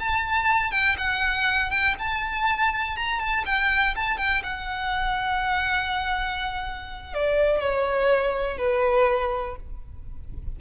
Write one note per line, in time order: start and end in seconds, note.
0.00 0.72 A5
0.72 0.96 G5
0.98 1.71 F#5
1.71 1.95 G5
1.99 2.97 A5
2.97 3.20 A#5
3.20 3.44 A5
3.46 3.95 G5
3.96 4.18 A5
4.18 4.42 G5
4.44 7.14 F#5
7.14 7.60 D5
7.60 8.58 C#5
8.58 9.56 B4